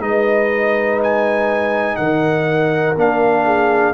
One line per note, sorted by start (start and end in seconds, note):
0.00 1.97 G#3
0.00 2.95 D#4
0.00 1.98 B4
0.00 1.00 D#5
1.03 1.96 G#5
1.96 2.96 D#3
1.96 3.44 A#4
1.96 2.94 F#5
2.96 3.93 A#3
2.96 3.93 D4
2.96 3.93 F5
3.44 3.93 G#4